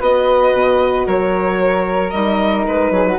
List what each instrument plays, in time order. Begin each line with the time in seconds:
0.00 bassoon B3, horn F#4, flute B4, violin D#5
0.53 bassoon B2
1.07 bassoon F#3, flute A#4, violin C#5
2.11 bassoon G3, horn D#4, violin D#5
2.67 bassoon G#3, violin B4
2.91 bassoon F#3, flute G#4
3.08 flute F#4